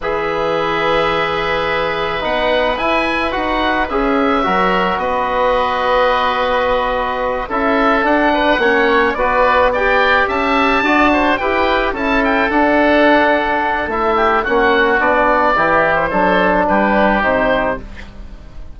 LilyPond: <<
  \new Staff \with { instrumentName = "oboe" } { \time 4/4 \tempo 4 = 108 e''1 | fis''4 gis''4 fis''4 e''4~ | e''4 dis''2.~ | dis''4. e''4 fis''4.~ |
fis''8 d''4 g''4 a''4.~ | a''8 g''4 a''8 g''8 fis''4.~ | fis''4 e''4 fis''4 d''4~ | d''8. c''4~ c''16 b'4 c''4 | }
  \new Staff \with { instrumentName = "oboe" } { \time 4/4 b'1~ | b'1 | ais'4 b'2.~ | b'4. a'4. b'8 cis''8~ |
cis''8 b'4 d''4 e''4 d''8 | c''8 b'4 a'2~ a'8~ | a'4. g'8 fis'2 | g'4 a'4 g'2 | }
  \new Staff \with { instrumentName = "trombone" } { \time 4/4 gis'1 | dis'4 e'4 fis'4 gis'4 | fis'1~ | fis'4. e'4 d'4 cis'8~ |
cis'8 fis'4 g'2 fis'8~ | fis'8 g'4 e'4 d'4.~ | d'4 e'4 cis'4 d'4 | e'4 d'2 dis'4 | }
  \new Staff \with { instrumentName = "bassoon" } { \time 4/4 e1 | b4 e'4 dis'4 cis'4 | fis4 b2.~ | b4. cis'4 d'4 ais8~ |
ais8 b2 cis'4 d'8~ | d'8 e'4 cis'4 d'4.~ | d'4 a4 ais4 b4 | e4 fis4 g4 c4 | }
>>